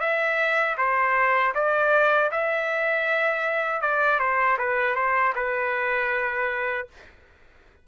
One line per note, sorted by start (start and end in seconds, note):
0.00 0.76 E5
0.77 1.53 C5
1.54 2.30 D5
2.31 3.81 E5
3.81 4.19 D5
4.19 4.57 C5
4.58 4.95 B4
4.95 5.33 C5
5.35 6.87 B4